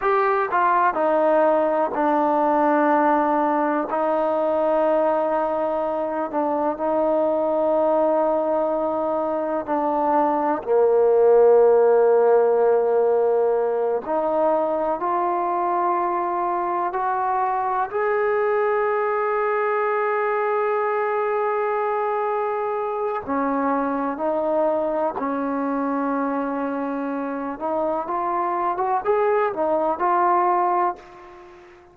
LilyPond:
\new Staff \with { instrumentName = "trombone" } { \time 4/4 \tempo 4 = 62 g'8 f'8 dis'4 d'2 | dis'2~ dis'8 d'8 dis'4~ | dis'2 d'4 ais4~ | ais2~ ais8 dis'4 f'8~ |
f'4. fis'4 gis'4.~ | gis'1 | cis'4 dis'4 cis'2~ | cis'8 dis'8 f'8. fis'16 gis'8 dis'8 f'4 | }